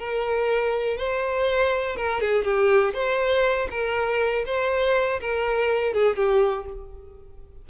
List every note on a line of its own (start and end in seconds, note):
0.00 0.98 A#4
0.98 1.96 C5
1.96 2.21 A#4
2.21 2.45 G#4
2.45 2.94 G4
2.94 3.69 C5
3.71 4.45 A#4
4.46 5.21 C5
5.21 5.94 A#4
5.94 6.16 G#4
6.16 6.66 G4